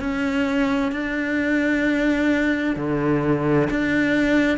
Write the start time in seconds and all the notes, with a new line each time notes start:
0.00 C#4
0.92 D4
2.77 D3
3.70 D4